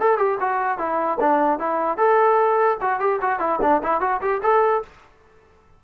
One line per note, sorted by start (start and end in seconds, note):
0.00 0.18 A4
0.18 0.38 G4
0.40 0.78 F#4
0.78 1.18 E4
1.20 1.59 D4
1.59 1.97 E4
1.97 2.77 A4
2.81 3.00 F#4
3.00 3.20 G4
3.22 3.39 F#4
3.39 3.59 E4
3.62 3.82 D4
3.83 4.01 E4
4.01 4.21 F#4
4.21 4.41 G4
4.43 4.82 A4